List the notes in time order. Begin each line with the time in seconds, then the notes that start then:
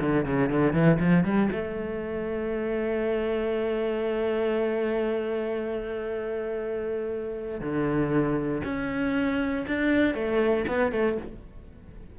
0.00 D3
0.26 C#3
0.50 D3
0.73 E3
1.00 F3
1.24 G3
1.52 A3
7.60 D3
8.64 C#4
9.67 D4
10.14 A3
10.68 B3
10.92 A3